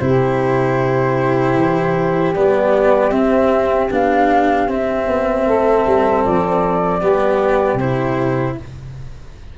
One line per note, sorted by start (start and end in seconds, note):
0.00 1.56 C3
0.00 2.35 E4
0.00 5.46 G4
0.00 2.34 C5
1.56 2.34 E3
2.35 3.11 G3
2.35 3.12 B3
2.35 3.11 D5
3.11 3.89 C4
3.11 3.90 C4
3.11 3.89 E5
3.91 4.68 B3
3.91 4.69 D4
3.91 4.70 F5
4.68 5.07 C4
4.68 7.01 C4
4.68 6.25 E5
5.08 5.46 B3
5.46 5.85 A3
5.46 7.00 A4
5.87 6.25 G3
6.25 7.03 F3
6.25 7.79 D5
7.00 7.74 G3
7.00 7.79 B3
7.00 8.56 G4
7.74 8.52 C3
7.74 8.58 E4
7.74 8.57 C5